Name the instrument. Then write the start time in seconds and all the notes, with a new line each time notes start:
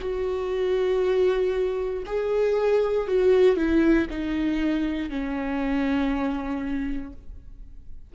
viola
0.00 F#4
2.06 G#4
3.07 F#4
3.56 E4
4.10 D#4
5.09 C#4